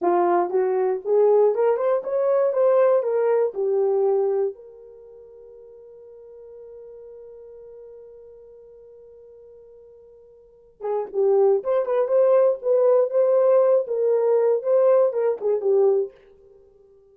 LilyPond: \new Staff \with { instrumentName = "horn" } { \time 4/4 \tempo 4 = 119 f'4 fis'4 gis'4 ais'8 c''8 | cis''4 c''4 ais'4 g'4~ | g'4 ais'2.~ | ais'1~ |
ais'1~ | ais'4. gis'8 g'4 c''8 b'8 | c''4 b'4 c''4. ais'8~ | ais'4 c''4 ais'8 gis'8 g'4 | }